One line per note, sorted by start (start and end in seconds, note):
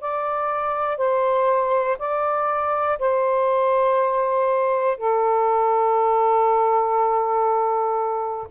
0.00 0.97 D5
0.97 1.97 C5
1.99 2.99 D5
2.99 4.97 C5
4.97 8.47 A4